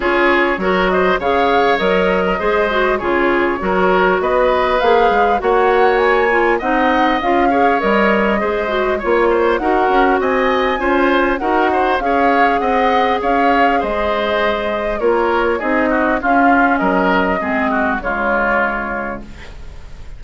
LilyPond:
<<
  \new Staff \with { instrumentName = "flute" } { \time 4/4 \tempo 4 = 100 cis''4. dis''8 f''4 dis''4~ | dis''4 cis''2 dis''4 | f''4 fis''4 gis''4 fis''4 | f''4 dis''2 cis''4 |
fis''4 gis''2 fis''4 | f''4 fis''4 f''4 dis''4~ | dis''4 cis''4 dis''4 f''4 | dis''2 cis''2 | }
  \new Staff \with { instrumentName = "oboe" } { \time 4/4 gis'4 ais'8 c''8 cis''4.~ cis''16 ais'16 | c''4 gis'4 ais'4 b'4~ | b'4 cis''2 dis''4~ | dis''8 cis''4. c''4 cis''8 c''8 |
ais'4 dis''4 c''4 ais'8 c''8 | cis''4 dis''4 cis''4 c''4~ | c''4 ais'4 gis'8 fis'8 f'4 | ais'4 gis'8 fis'8 f'2 | }
  \new Staff \with { instrumentName = "clarinet" } { \time 4/4 f'4 fis'4 gis'4 ais'4 | gis'8 fis'8 f'4 fis'2 | gis'4 fis'4. f'8 dis'4 | f'8 gis'8 ais'4 gis'8 fis'8 f'4 |
fis'2 f'4 fis'4 | gis'1~ | gis'4 f'4 dis'4 cis'4~ | cis'4 c'4 gis2 | }
  \new Staff \with { instrumentName = "bassoon" } { \time 4/4 cis'4 fis4 cis4 fis4 | gis4 cis4 fis4 b4 | ais8 gis8 ais2 c'4 | cis'4 g4 gis4 ais4 |
dis'8 cis'8 c'4 cis'4 dis'4 | cis'4 c'4 cis'4 gis4~ | gis4 ais4 c'4 cis'4 | fis4 gis4 cis2 | }
>>